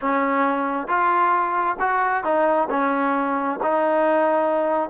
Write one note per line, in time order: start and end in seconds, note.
0.01 0.87 C#4
0.87 1.77 F4
1.79 2.23 F#4
2.23 2.68 D#4
2.70 3.59 C#4
3.62 4.89 D#4